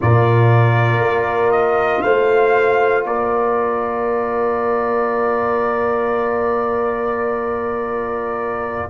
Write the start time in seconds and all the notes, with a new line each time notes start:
0.00 A#2 F4 A#4 D5
1.00 A#3
1.51 D#5
2.01 A3 C5 F5
3.04 A#3 A#4 D5